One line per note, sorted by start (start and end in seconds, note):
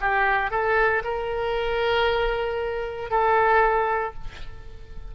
0.00 0.50 G4
0.50 1.02 A4
1.04 3.10 A#4
3.10 4.14 A4